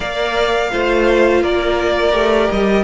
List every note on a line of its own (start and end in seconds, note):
0.00 0.71 A#3
0.00 0.71 A#4
0.00 0.70 D5
0.00 1.43 F5
0.71 1.42 A3
0.71 2.12 F4
0.71 1.42 C5
1.42 2.12 A#3
1.42 2.83 A#4
1.42 2.50 D5
2.12 2.48 A3
2.12 2.83 G4
2.50 2.83 G3
2.50 2.83 D#5